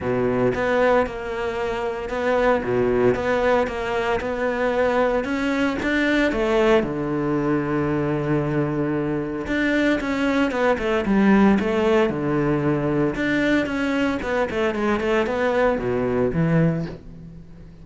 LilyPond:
\new Staff \with { instrumentName = "cello" } { \time 4/4 \tempo 4 = 114 b,4 b4 ais2 | b4 b,4 b4 ais4 | b2 cis'4 d'4 | a4 d2.~ |
d2 d'4 cis'4 | b8 a8 g4 a4 d4~ | d4 d'4 cis'4 b8 a8 | gis8 a8 b4 b,4 e4 | }